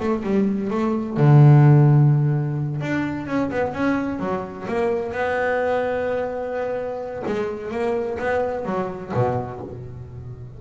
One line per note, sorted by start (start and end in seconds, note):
0.00 0.23 A3
0.23 0.70 G3
0.70 1.17 A3
1.17 2.81 D3
2.81 3.27 D4
3.27 3.50 C#4
3.51 3.74 B3
3.74 4.20 C#4
4.20 4.67 F#3
4.68 5.12 A#3
5.12 7.23 B3
7.27 7.72 G#3
7.72 8.19 A#3
8.19 8.65 B3
8.65 9.12 F#3
9.14 9.61 B2